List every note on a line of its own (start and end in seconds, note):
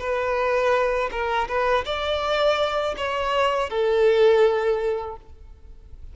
0.00 1.10 B4
1.11 1.48 A#4
1.48 1.85 B4
1.85 2.95 D5
2.97 3.70 C#5
3.70 5.16 A4